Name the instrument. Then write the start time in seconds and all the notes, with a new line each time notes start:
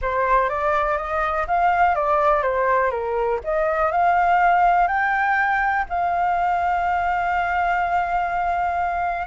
flute
0.01 C5
0.49 D5
0.97 D#5
1.47 F5
1.95 D5
2.42 C5
2.90 A#4
3.44 D#5
3.91 F5
4.87 G5
5.89 F5